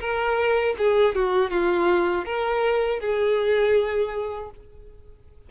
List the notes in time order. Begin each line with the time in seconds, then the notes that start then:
0.00 A#4
0.78 G#4
1.15 F#4
1.50 F4
2.25 A#4
3.00 G#4